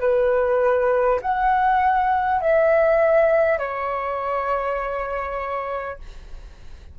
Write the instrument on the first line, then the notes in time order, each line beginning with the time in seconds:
flute
0.00 B4
1.21 F#5
2.41 E5
3.58 C#5